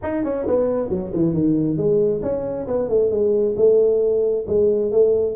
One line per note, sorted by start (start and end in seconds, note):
0.02 0.24 D#4
0.24 0.46 C#4
0.46 0.89 B3
0.89 1.11 F#3
1.13 1.33 E3
1.33 1.77 D#3
1.77 2.21 G#3
2.22 2.66 C#4
2.67 2.88 B3
2.88 3.11 A3
3.11 3.55 G#3
3.56 4.45 A3
4.47 4.91 G#3
4.91 5.35 A3